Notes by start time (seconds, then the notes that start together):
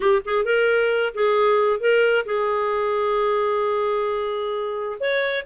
0.00 G4
0.25 G#4
0.44 A#4
1.14 G#4
1.80 A#4
2.25 G#4
5.00 C#5